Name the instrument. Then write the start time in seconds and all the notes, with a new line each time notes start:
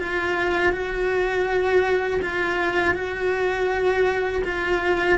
cello
0.00 F4
0.73 F#4
2.23 F4
2.95 F#4
4.45 F4